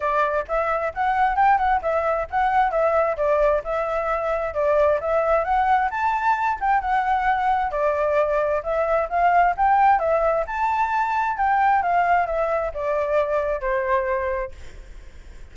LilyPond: \new Staff \with { instrumentName = "flute" } { \time 4/4 \tempo 4 = 132 d''4 e''4 fis''4 g''8 fis''8 | e''4 fis''4 e''4 d''4 | e''2 d''4 e''4 | fis''4 a''4. g''8 fis''4~ |
fis''4 d''2 e''4 | f''4 g''4 e''4 a''4~ | a''4 g''4 f''4 e''4 | d''2 c''2 | }